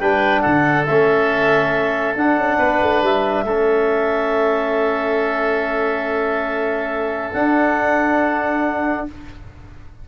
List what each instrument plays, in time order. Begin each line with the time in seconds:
0.00 tuba G3, trombone D4, oboe B4, clarinet G5
0.41 tuba D3, oboe A4, clarinet F#5
0.85 tuba A3, trombone C#4, clarinet E5
2.16 tuba D4, trombone D4, clarinet F#5
2.37 tuba C#4
2.58 tuba B3, oboe B4
2.82 tuba A3
3.02 tuba G3, clarinet E5
3.44 tuba A3, trombone C#4, oboe A4
7.33 tuba D4, trombone D4, clarinet F#5